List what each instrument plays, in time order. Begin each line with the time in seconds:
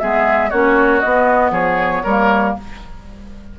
0.00 bassoon G#3, clarinet B3, oboe G#4, flute E5
0.50 bassoon A#3, clarinet C#4, oboe F#4, flute C#5
1.00 bassoon B3, clarinet B3, flute D#5
1.51 bassoon F3, oboe G#4, flute C#5
2.04 bassoon G3, clarinet A#3, oboe A#4